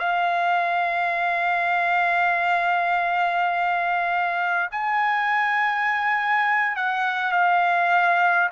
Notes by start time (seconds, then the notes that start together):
0.00 F5
4.71 G#5
6.76 F#5
7.33 F5